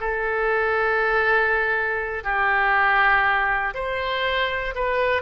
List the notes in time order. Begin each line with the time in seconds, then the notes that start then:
0.00 A4
2.24 G4
3.75 C5
4.75 B4